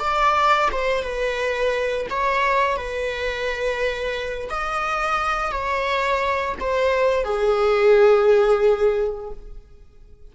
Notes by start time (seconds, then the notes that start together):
0.00 D5
0.72 C5
1.03 B4
2.10 C#5
2.77 B4
4.50 D#5
5.52 C#5
6.60 C5
7.24 G#4